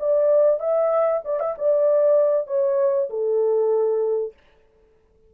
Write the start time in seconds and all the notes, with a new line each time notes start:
0.00 D5
0.60 E5
1.25 D5
1.40 E5
1.58 D5
2.47 C#5
3.10 A4